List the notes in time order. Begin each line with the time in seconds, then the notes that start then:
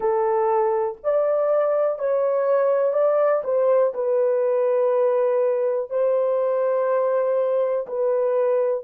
0.00 A4
1.03 D5
1.99 C#5
2.92 D5
3.43 C5
3.93 B4
5.90 C5
7.87 B4